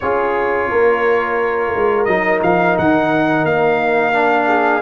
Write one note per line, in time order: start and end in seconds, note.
0.00 0.70 C#4
0.00 2.07 F4
0.00 0.70 G#4
0.00 2.04 C#5
0.70 1.74 A#3
0.70 4.47 A#4
1.75 2.07 G#3
2.04 2.41 F#3
2.04 4.13 D#4
2.04 2.39 D#5
2.42 2.76 F3
2.42 2.77 F5
2.77 3.44 D#3
2.77 3.45 F#5
3.44 4.81 A#3
3.44 4.81 F5
4.13 4.81 D4
4.47 4.81 G#4